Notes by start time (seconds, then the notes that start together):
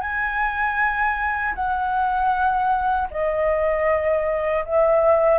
0.00 G#5
1.54 F#5
3.10 D#5
4.65 E5